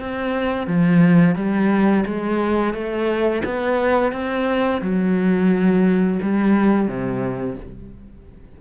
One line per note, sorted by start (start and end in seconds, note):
0.00 0.67 C4
0.67 1.36 F3
1.36 2.05 G3
2.06 2.74 G#3
2.74 3.43 A3
3.45 4.12 B3
4.12 4.81 C4
4.81 6.19 F#3
6.22 6.88 G3
6.88 7.57 C3